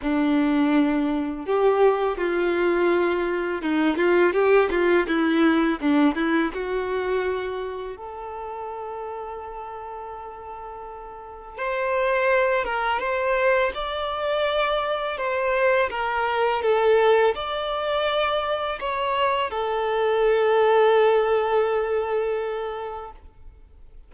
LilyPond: \new Staff \with { instrumentName = "violin" } { \time 4/4 \tempo 4 = 83 d'2 g'4 f'4~ | f'4 dis'8 f'8 g'8 f'8 e'4 | d'8 e'8 fis'2 a'4~ | a'1 |
c''4. ais'8 c''4 d''4~ | d''4 c''4 ais'4 a'4 | d''2 cis''4 a'4~ | a'1 | }